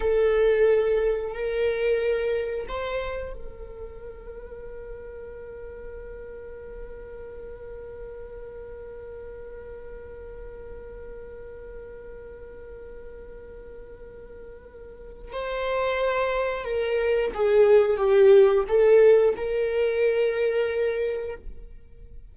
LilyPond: \new Staff \with { instrumentName = "viola" } { \time 4/4 \tempo 4 = 90 a'2 ais'2 | c''4 ais'2.~ | ais'1~ | ais'1~ |
ais'1~ | ais'2. c''4~ | c''4 ais'4 gis'4 g'4 | a'4 ais'2. | }